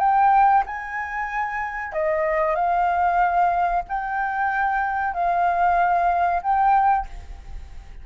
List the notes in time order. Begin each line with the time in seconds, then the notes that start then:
0.00 G5
0.67 G#5
1.93 D#5
2.56 F5
3.89 G5
5.14 F5
6.43 G5